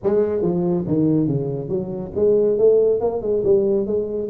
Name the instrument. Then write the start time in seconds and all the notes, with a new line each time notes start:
tuba
0.03 G#3
0.42 F3
0.87 D#3
1.27 C#3
1.68 F#3
2.15 G#3
2.58 A3
3.00 A#3
3.21 G#3
3.44 G3
3.86 G#3